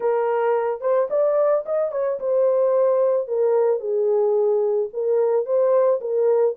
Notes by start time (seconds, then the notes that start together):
0.00 A#4
0.81 C5
1.09 D5
1.65 D#5
1.91 C#5
2.19 C5
3.27 A#4
3.79 G#4
4.93 A#4
5.45 C5
6.00 A#4